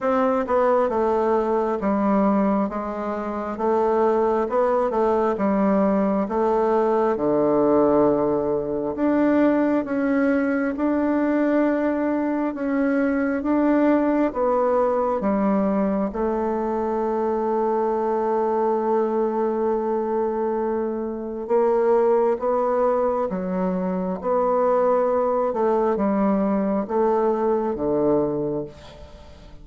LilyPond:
\new Staff \with { instrumentName = "bassoon" } { \time 4/4 \tempo 4 = 67 c'8 b8 a4 g4 gis4 | a4 b8 a8 g4 a4 | d2 d'4 cis'4 | d'2 cis'4 d'4 |
b4 g4 a2~ | a1 | ais4 b4 fis4 b4~ | b8 a8 g4 a4 d4 | }